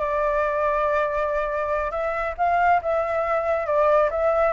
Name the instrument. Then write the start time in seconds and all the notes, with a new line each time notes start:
flute
0.00 D5
1.91 E5
2.38 F5
2.82 E5
3.67 D5
4.11 E5